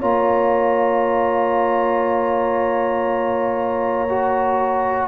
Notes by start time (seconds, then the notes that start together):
0.00 A#3 F4 C#5 A#5
4.10 F#4